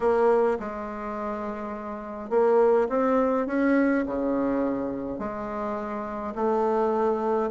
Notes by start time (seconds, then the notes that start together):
0.00 A#3
0.59 G#3
2.29 A#3
2.89 C4
3.46 C#4
4.06 C#3
5.18 G#3
6.35 A3